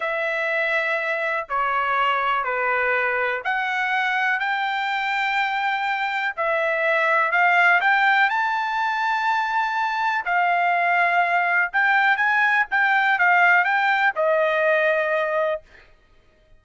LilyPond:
\new Staff \with { instrumentName = "trumpet" } { \time 4/4 \tempo 4 = 123 e''2. cis''4~ | cis''4 b'2 fis''4~ | fis''4 g''2.~ | g''4 e''2 f''4 |
g''4 a''2.~ | a''4 f''2. | g''4 gis''4 g''4 f''4 | g''4 dis''2. | }